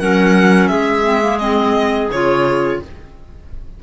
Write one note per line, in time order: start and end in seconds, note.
0.00 0.70 F#3
0.00 1.04 C#4
0.00 0.70 A#4
0.00 0.68 F#5
0.68 2.10 G#3
0.68 2.80 G#4
0.68 1.38 E5
1.04 1.21 C4
1.22 1.39 A#3
1.39 2.10 C4
1.39 2.09 D#5
2.10 2.80 C#3
2.10 2.83 F4
2.10 2.81 C#5